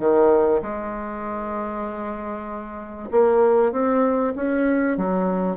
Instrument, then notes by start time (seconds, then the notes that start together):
bassoon
0.00 D#3
0.62 G#3
3.11 A#3
3.72 C4
4.36 C#4
4.97 F#3